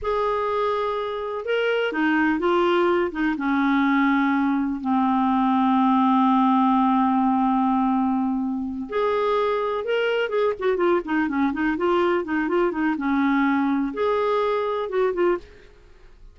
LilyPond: \new Staff \with { instrumentName = "clarinet" } { \time 4/4 \tempo 4 = 125 gis'2. ais'4 | dis'4 f'4. dis'8 cis'4~ | cis'2 c'2~ | c'1~ |
c'2~ c'8 gis'4.~ | gis'8 ais'4 gis'8 fis'8 f'8 dis'8 cis'8 | dis'8 f'4 dis'8 f'8 dis'8 cis'4~ | cis'4 gis'2 fis'8 f'8 | }